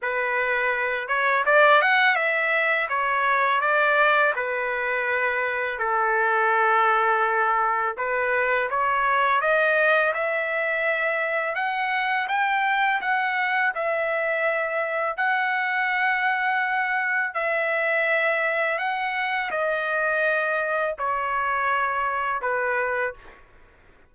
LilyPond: \new Staff \with { instrumentName = "trumpet" } { \time 4/4 \tempo 4 = 83 b'4. cis''8 d''8 fis''8 e''4 | cis''4 d''4 b'2 | a'2. b'4 | cis''4 dis''4 e''2 |
fis''4 g''4 fis''4 e''4~ | e''4 fis''2. | e''2 fis''4 dis''4~ | dis''4 cis''2 b'4 | }